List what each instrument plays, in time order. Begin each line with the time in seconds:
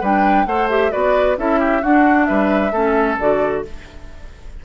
0.00 bassoon G3, clarinet D4, oboe B4, flute G5
0.45 bassoon A3, clarinet A4, oboe C5, flute F#5
0.70 clarinet G4, flute E5
0.91 bassoon B3, clarinet F#4, oboe B4, flute D5
1.37 bassoon C#4, clarinet E4, oboe A4, flute E5
1.59 oboe G4
1.81 clarinet D4, bassoon D4, oboe F#4, flute F#5
2.25 bassoon G3, oboe B4, flute E5
2.72 bassoon A3, clarinet C#4, oboe A4
3.20 bassoon D3, clarinet F#4, flute D5